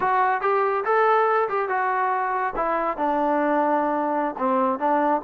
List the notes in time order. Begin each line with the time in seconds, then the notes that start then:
0.00 F#4
0.41 G4
0.84 A4
1.48 G4
1.68 F#4
2.56 E4
2.97 D4
4.38 C4
4.79 D4